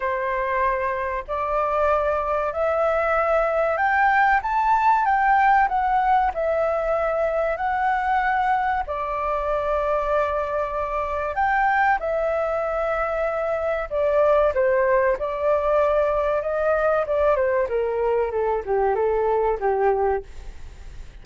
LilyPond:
\new Staff \with { instrumentName = "flute" } { \time 4/4 \tempo 4 = 95 c''2 d''2 | e''2 g''4 a''4 | g''4 fis''4 e''2 | fis''2 d''2~ |
d''2 g''4 e''4~ | e''2 d''4 c''4 | d''2 dis''4 d''8 c''8 | ais'4 a'8 g'8 a'4 g'4 | }